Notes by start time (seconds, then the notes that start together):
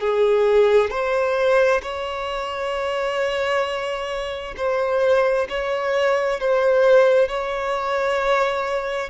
0.00 G#4
0.90 C5
1.82 C#5
4.57 C5
5.49 C#5
6.40 C5
7.29 C#5